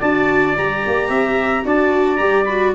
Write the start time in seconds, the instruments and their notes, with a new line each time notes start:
0.00 tuba D4, viola F#4, trumpet D5, clarinet A5
0.57 tuba G3, viola G4, clarinet A#5
0.87 tuba A#3
1.09 tuba C4, trumpet E5
1.64 tuba D4, viola F#4, trumpet D5, clarinet A5
2.16 tuba G3, viola G4, clarinet A#5
2.45 viola F#4, clarinet B5